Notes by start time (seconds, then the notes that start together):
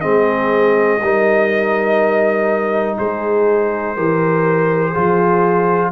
0.00 G#3 C4 G#4 D#5
1.00 G3 D#4 A#4
2.98 G#3 G#4 C5
3.95 E3 G4 A#4
4.90 F3 F4 G#4